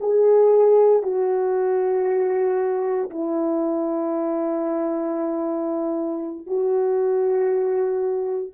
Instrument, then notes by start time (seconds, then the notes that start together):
horn
0.00 G#4
1.03 F#4
3.10 E4
6.46 F#4